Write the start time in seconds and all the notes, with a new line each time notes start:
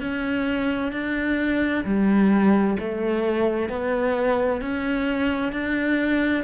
0.00 C#4
0.92 D4
1.85 G3
2.79 A3
3.69 B3
4.62 C#4
5.52 D4